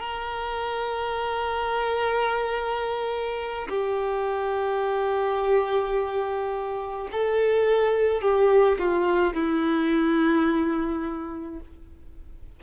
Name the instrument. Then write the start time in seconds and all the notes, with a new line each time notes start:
violin
0.00 A#4
3.68 G4
7.12 A4
8.21 G4
8.79 F4
9.33 E4